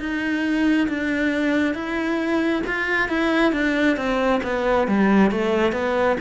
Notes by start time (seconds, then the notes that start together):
0.00 D#4
0.89 D4
1.75 E4
2.67 F4
3.09 E4
3.53 D4
3.97 C4
4.44 B3
4.88 G3
5.31 A3
5.73 B3